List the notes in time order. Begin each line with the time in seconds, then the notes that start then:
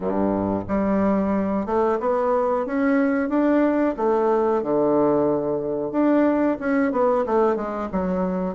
0.00 G2
0.67 G3
1.65 A3
2.00 B3
2.66 C#4
3.29 D4
3.96 A3
4.62 D3
5.91 D4
6.59 C#4
6.91 B3
7.25 A3
7.56 G#3
7.92 F#3